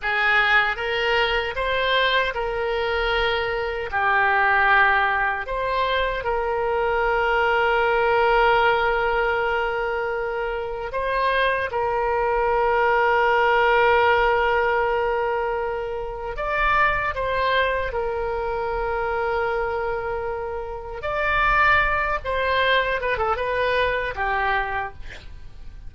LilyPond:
\new Staff \with { instrumentName = "oboe" } { \time 4/4 \tempo 4 = 77 gis'4 ais'4 c''4 ais'4~ | ais'4 g'2 c''4 | ais'1~ | ais'2 c''4 ais'4~ |
ais'1~ | ais'4 d''4 c''4 ais'4~ | ais'2. d''4~ | d''8 c''4 b'16 a'16 b'4 g'4 | }